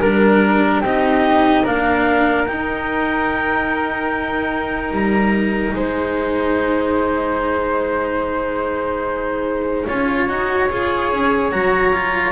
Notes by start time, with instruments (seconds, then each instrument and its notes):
0.00 double bass G3, cello D4, clarinet A#4, flute A#4
0.81 double bass C4, cello D#4, flute G4, clarinet D#5
1.63 double bass A#3, cello D4, flute A#4, clarinet F5
2.47 cello D#4, double bass D#4, clarinet G5
4.92 double bass G3, clarinet A#5
5.75 double bass G#3, flute C5, clarinet G#5
9.87 double bass C#4, cello F4, flute C#5
10.29 double bass D#4, cello F#4
10.70 double bass F4, cello G#4
11.13 double bass C#4
11.51 double bass F#3, cello F#4, clarinet A#5
11.93 cello F4